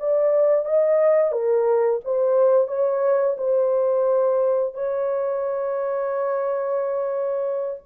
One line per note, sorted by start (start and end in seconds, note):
0.00 0.65 D5
0.65 1.32 D#5
1.32 2.00 A#4
2.05 2.68 C5
2.68 3.36 C#5
3.37 4.74 C5
4.74 7.81 C#5